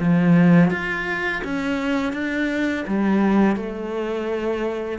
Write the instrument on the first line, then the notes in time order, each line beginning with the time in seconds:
cello
0.00 F3
0.71 F4
1.44 C#4
2.13 D4
2.88 G3
3.56 A3